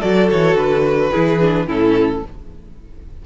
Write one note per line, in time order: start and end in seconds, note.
0.00 0.31 F#3
0.00 1.12 F#4
0.00 1.11 A4
0.00 0.29 D5
0.31 0.55 E3
0.31 0.57 C#5
0.55 1.11 D3
0.55 1.68 B4
1.12 1.67 E3
1.12 1.40 E4
1.12 1.67 G#4
1.40 1.67 D4
1.67 2.22 A2
1.67 2.23 C#4
1.67 2.23 E4
1.67 2.26 A4